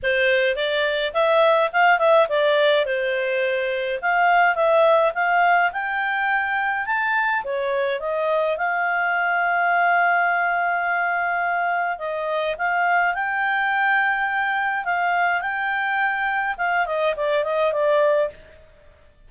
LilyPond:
\new Staff \with { instrumentName = "clarinet" } { \time 4/4 \tempo 4 = 105 c''4 d''4 e''4 f''8 e''8 | d''4 c''2 f''4 | e''4 f''4 g''2 | a''4 cis''4 dis''4 f''4~ |
f''1~ | f''4 dis''4 f''4 g''4~ | g''2 f''4 g''4~ | g''4 f''8 dis''8 d''8 dis''8 d''4 | }